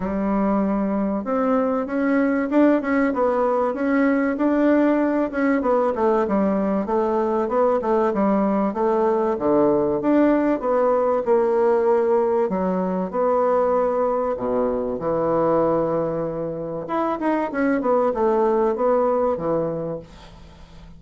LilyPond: \new Staff \with { instrumentName = "bassoon" } { \time 4/4 \tempo 4 = 96 g2 c'4 cis'4 | d'8 cis'8 b4 cis'4 d'4~ | d'8 cis'8 b8 a8 g4 a4 | b8 a8 g4 a4 d4 |
d'4 b4 ais2 | fis4 b2 b,4 | e2. e'8 dis'8 | cis'8 b8 a4 b4 e4 | }